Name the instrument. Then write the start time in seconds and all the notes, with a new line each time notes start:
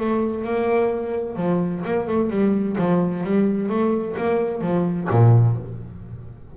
double bass
0.00 A3
0.44 A#3
1.36 F3
1.85 A#3
2.07 A3
2.30 G3
2.78 F3
3.24 G3
3.69 A3
4.17 A#3
4.62 F3
5.10 A#2